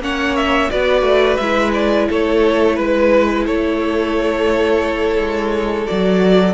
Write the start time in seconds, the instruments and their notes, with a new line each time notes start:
0.00 cello A#3, viola C#4, violin C#5 F#5
0.36 violin E5
0.71 cello B3, viola F#4, violin B4 D5
1.02 cello A3
1.37 cello G#3, viola E4, violin E5
1.74 violin D5
2.09 cello A3, violin A4 C#5
2.76 cello G#3, violin B4
3.46 cello A3, violin A4 C#5
5.18 cello G#3
5.87 cello F#3, viola F#4, violin D5